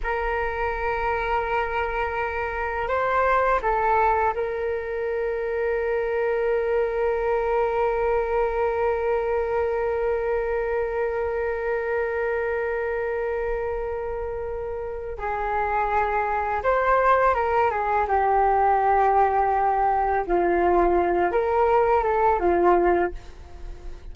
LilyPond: \new Staff \with { instrumentName = "flute" } { \time 4/4 \tempo 4 = 83 ais'1 | c''4 a'4 ais'2~ | ais'1~ | ais'1~ |
ais'1~ | ais'4 gis'2 c''4 | ais'8 gis'8 g'2. | f'4. ais'4 a'8 f'4 | }